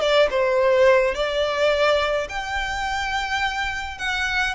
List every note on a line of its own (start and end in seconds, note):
0.00 0.28 D5
0.30 1.14 C5
1.14 2.27 D5
2.29 3.98 G5
3.98 4.54 F#5